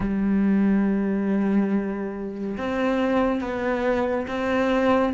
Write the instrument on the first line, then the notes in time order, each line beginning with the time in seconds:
cello
0.00 G3
2.57 C4
3.41 B3
4.27 C4